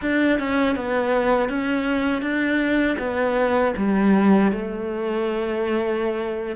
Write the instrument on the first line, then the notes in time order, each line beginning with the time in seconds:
cello
0.01 D4
0.39 C#4
0.75 B3
1.49 C#4
2.22 D4
2.98 B3
3.77 G3
4.52 A3